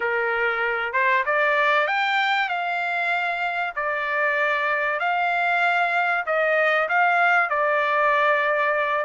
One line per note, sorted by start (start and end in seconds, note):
0.00 0.92 A#4
0.92 1.24 C5
1.25 1.87 D5
1.87 2.48 G5
2.48 3.73 F5
3.75 4.99 D5
4.99 6.24 F5
6.26 6.88 D#5
6.88 7.49 F5
7.49 9.05 D5